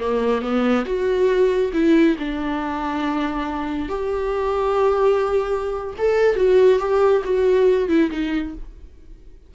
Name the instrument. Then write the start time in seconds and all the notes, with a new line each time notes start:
viola
0.00 A#3
0.41 B3
0.85 F#4
1.73 E4
2.19 D4
3.89 G4
5.98 A4
6.36 F#4
6.79 G4
7.24 F#4
7.88 E4
8.11 D#4